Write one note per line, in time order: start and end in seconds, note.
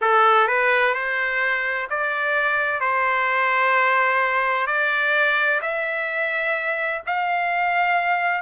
0.01 0.47 A4
0.47 0.94 B4
0.94 1.87 C5
1.90 2.80 D5
2.80 4.66 C5
4.66 5.60 D5
5.61 7.02 E5
7.06 8.41 F5